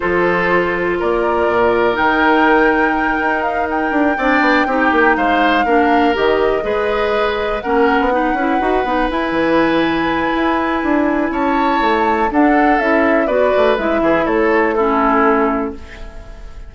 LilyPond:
<<
  \new Staff \with { instrumentName = "flute" } { \time 4/4 \tempo 4 = 122 c''2 d''2 | g''2. f''8 g''8~ | g''2~ g''8 f''4.~ | f''8 dis''2. fis''8~ |
fis''2~ fis''8 gis''4.~ | gis''2. a''4~ | a''4 fis''4 e''4 d''4 | e''4 cis''4 a'2 | }
  \new Staff \with { instrumentName = "oboe" } { \time 4/4 a'2 ais'2~ | ais'1~ | ais'8 d''4 g'4 c''4 ais'8~ | ais'4. b'2 ais'8~ |
ais'8 b'2.~ b'8~ | b'2. cis''4~ | cis''4 a'2 b'4~ | b'8 gis'8 a'4 e'2 | }
  \new Staff \with { instrumentName = "clarinet" } { \time 4/4 f'1 | dis'1~ | dis'8 d'4 dis'2 d'8~ | d'8 g'4 gis'2 cis'8~ |
cis'8 dis'8 e'8 fis'8 dis'8 e'4.~ | e'1~ | e'4 d'4 e'4 fis'4 | e'2 cis'2 | }
  \new Staff \with { instrumentName = "bassoon" } { \time 4/4 f2 ais4 ais,4 | dis2~ dis8 dis'4. | d'8 c'8 b8 c'8 ais8 gis4 ais8~ | ais8 dis4 gis2 ais8~ |
ais16 b8. cis'8 dis'8 b8 e'8 e4~ | e4 e'4 d'4 cis'4 | a4 d'4 cis'4 b8 a8 | gis8 e8 a2. | }
>>